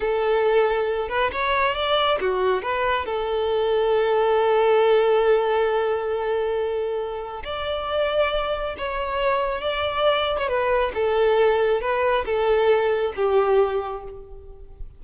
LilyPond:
\new Staff \with { instrumentName = "violin" } { \time 4/4 \tempo 4 = 137 a'2~ a'8 b'8 cis''4 | d''4 fis'4 b'4 a'4~ | a'1~ | a'1~ |
a'4 d''2. | cis''2 d''4.~ d''16 cis''16 | b'4 a'2 b'4 | a'2 g'2 | }